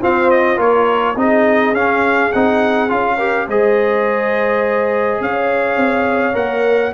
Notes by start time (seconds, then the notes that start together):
0.00 C4 F4 C5 F5
0.30 D#5
0.57 A#3 F4 A#4 C#5
1.16 C4 D#4 G#4 D#5
1.72 C#4 F5
2.33 C4 D#4 F#5
2.89 C#4 F4 F5
3.17 G4 A#4
3.48 G#3 G#4 C5 D#5
5.21 C#4 C#5 F5
5.76 C4
6.33 A#3 A#4 F#5